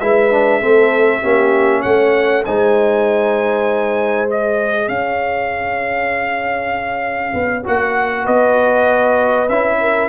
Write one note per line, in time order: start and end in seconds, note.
0.00 0.61 G#3
0.00 0.31 E4
0.00 0.61 B4
0.00 1.82 E5
0.31 0.61 D4
0.61 1.23 A3
0.61 1.21 C4
0.61 1.21 A4
1.21 1.84 A#3
1.21 2.44 C#4
1.21 1.81 G4
1.81 2.46 A3
1.81 2.42 C#5
1.81 2.43 F#5
2.45 4.88 G#3
2.45 4.27 D#4
2.45 4.89 C5
2.45 4.29 G#5
4.27 7.64 G#4
4.27 4.88 D#5
4.88 7.33 C#4
4.88 8.22 C#5
4.88 7.64 F5
7.33 7.64 B3
7.64 8.27 A#3
7.64 9.48 F#4
7.64 8.26 F#5
8.22 9.49 B3
8.22 9.76 B4
8.22 9.48 D#5
9.48 10.08 C#4
9.48 10.08 E4
9.48 10.08 E5
9.80 10.08 A#4